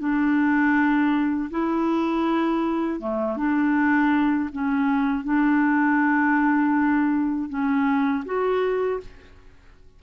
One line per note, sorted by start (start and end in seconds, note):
0.00 1.50 D4
1.51 3.00 E4
3.00 3.37 A3
3.37 4.50 D4
4.53 5.24 C#4
5.24 7.49 D4
7.49 8.24 C#4
8.25 9.00 F#4